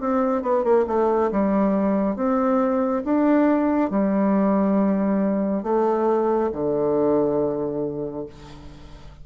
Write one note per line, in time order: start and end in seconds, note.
0.00 0.42 C4
0.42 0.63 B3
0.63 0.85 A#3
0.87 1.30 A3
1.31 2.15 G3
2.15 3.02 C4
3.04 3.90 D4
3.90 5.63 G3
5.63 6.50 A3
6.52 8.26 D3